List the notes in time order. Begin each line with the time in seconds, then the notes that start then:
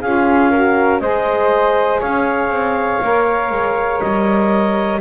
0.00 C#4 F4 G#4 F5
0.51 F#4 A#4
1.00 G#3 G#4 C5 D#5
2.00 C#4 C#5 F5
2.49 C4
3.03 A#3 A#4
3.51 G#3
4.00 G3 D#5